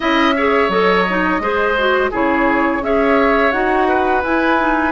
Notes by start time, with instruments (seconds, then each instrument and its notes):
0.00 bassoon C#4, clarinet E4, oboe D#5, flute E5
0.36 clarinet G#4, oboe C#5
0.69 bassoon F#3, clarinet A4, flute D#5
1.09 clarinet D#4
1.39 bassoon G#3, clarinet G#4, oboe C5
1.77 clarinet F#4
2.11 bassoon C#3, clarinet E4, oboe G#4, flute C#5
2.81 bassoon C#4, clarinet G#4, oboe C#5, flute E5
3.51 bassoon D#4, clarinet F#4, flute F#5
3.88 oboe B4
4.23 bassoon E4, clarinet E4, flute G#5
4.58 clarinet D#4